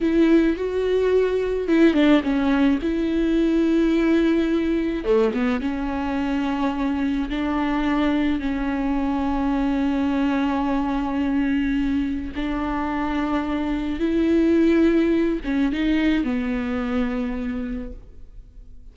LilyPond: \new Staff \with { instrumentName = "viola" } { \time 4/4 \tempo 4 = 107 e'4 fis'2 e'8 d'8 | cis'4 e'2.~ | e'4 a8 b8 cis'2~ | cis'4 d'2 cis'4~ |
cis'1~ | cis'2 d'2~ | d'4 e'2~ e'8 cis'8 | dis'4 b2. | }